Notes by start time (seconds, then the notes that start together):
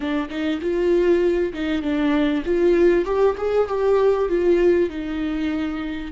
0.00 D4
0.29 D#4
0.61 F4
1.53 D#4
1.82 D4
2.45 F4
3.05 G4
3.37 G#4
3.67 G4
4.29 F4
4.89 D#4